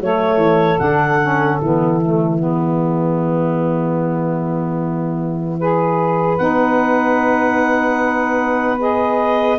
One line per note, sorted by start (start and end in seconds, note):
0.00 0.36 F#3
0.00 0.78 A3
0.00 2.39 A4
0.00 0.78 C#5
0.36 0.76 E3
0.78 1.60 D3
0.78 1.18 D4
0.78 1.58 F#5
1.21 1.61 C#4
1.58 6.39 E3
1.58 2.01 B3
1.58 6.38 E5
2.01 2.39 A3
2.39 5.59 B3
2.39 5.58 G#4
5.58 6.38 G#4
5.58 9.58 B4
6.38 9.58 B3
6.38 8.78 D#4
6.38 8.78 F#5
8.78 9.58 G#4
8.78 9.58 D#5